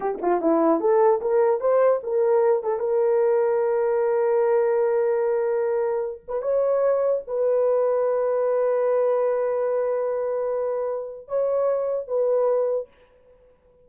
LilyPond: \new Staff \with { instrumentName = "horn" } { \time 4/4 \tempo 4 = 149 g'8 f'8 e'4 a'4 ais'4 | c''4 ais'4. a'8 ais'4~ | ais'1~ | ais'2.~ ais'8 b'8 |
cis''2 b'2~ | b'1~ | b'1 | cis''2 b'2 | }